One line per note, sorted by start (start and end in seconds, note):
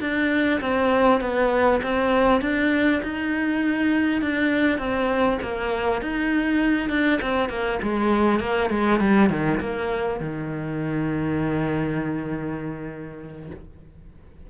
0.00 0.60 D4
0.61 1.20 C4
1.20 1.80 B3
1.82 2.41 C4
2.41 3.01 D4
3.02 4.21 D#4
4.21 4.78 D4
4.78 5.38 C4
5.41 6.01 A#3
6.01 6.89 D#4
6.89 7.19 D4
7.21 7.49 C4
7.49 7.79 A#3
7.82 8.40 G#3
8.40 8.69 A#3
8.69 8.99 G#3
8.99 9.29 G3
9.29 9.59 D#3
9.59 10.19 A#3
10.20 13.50 D#3